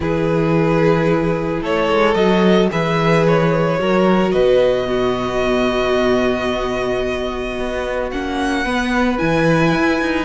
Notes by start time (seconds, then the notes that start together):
0.00 E3 E4 G#4 B4
1.61 A3 A4 C#5
1.87 G#3
2.14 F#3 F#4 D#5
2.70 E3 G#4 B4 E5
3.27 C#5
3.78 F#3 F#4 A#4
4.31 B2 B4 D#5
4.86 B3 F#4
7.58 B3
8.11 A#3 C#4 F#5
8.64 B3 B4
9.17 E3 E4 G#5
9.74 E4
10.01 D#4